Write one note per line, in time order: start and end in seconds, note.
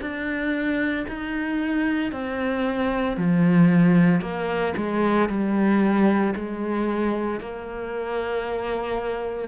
0.00 1.05 D4
1.07 2.11 D#4
2.11 3.16 C4
3.16 4.21 F3
4.21 4.73 A#3
4.76 5.29 G#3
5.29 6.34 G3
6.35 7.40 G#3
7.40 9.48 A#3